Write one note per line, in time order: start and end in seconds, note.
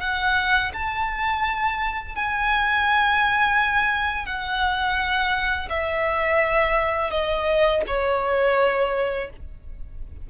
0.00 0.71 F#5
0.73 2.15 A5
2.15 4.26 G#5
4.26 5.69 F#5
5.69 7.10 E5
7.10 7.82 D#5
7.87 9.30 C#5